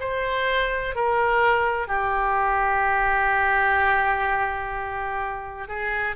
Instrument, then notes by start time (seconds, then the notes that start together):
oboe
0.00 C5
0.95 A#4
1.87 G4
5.68 G#4